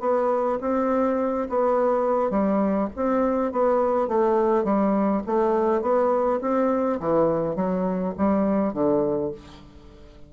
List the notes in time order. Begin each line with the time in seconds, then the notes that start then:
0.00 B3
0.61 C4
1.49 B3
2.30 G3
2.96 C4
3.52 B3
4.08 A3
4.64 G3
5.26 A3
5.82 B3
6.41 C4
7.00 E3
7.56 F#3
8.18 G3
8.74 D3